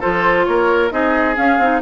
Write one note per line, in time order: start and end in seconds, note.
0.00 0.47 F3
0.00 0.90 F4
0.00 0.45 A4
0.00 0.45 C5
0.45 0.92 A#3
0.45 0.92 A#4
0.45 0.90 C#5
0.90 1.37 C4
0.90 1.35 D#4
0.90 1.82 G#4
0.90 1.36 D#5
1.35 1.58 C#4
1.35 1.81 F5
1.58 1.81 C4
1.58 1.82 D#4